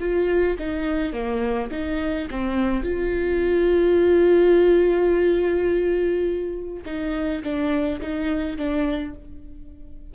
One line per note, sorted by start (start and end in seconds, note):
0.00 0.57 F4
0.59 1.13 D#4
1.13 1.70 A#3
1.71 2.28 D#4
2.30 2.83 C4
2.83 6.83 F4
6.86 7.43 D#4
7.43 8.00 D4
8.01 8.57 D#4
8.57 9.15 D4